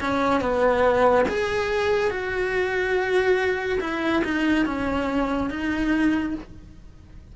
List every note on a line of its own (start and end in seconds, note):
0.00 0.40 C#4
0.40 1.25 B3
1.28 2.10 G#4
2.10 3.79 F#4
3.80 4.23 E4
4.24 4.65 D#4
4.65 5.50 C#4
5.50 6.34 D#4